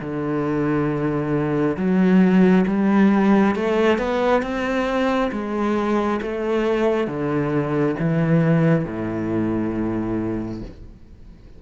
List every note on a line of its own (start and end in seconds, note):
0.00 1.76 D3
1.77 2.65 F#3
2.67 3.55 G3
3.55 3.98 A3
3.98 4.42 B3
4.42 5.30 C4
5.32 6.20 G#3
6.22 7.07 A3
7.07 7.95 D3
7.99 8.85 E3
8.85 10.62 A2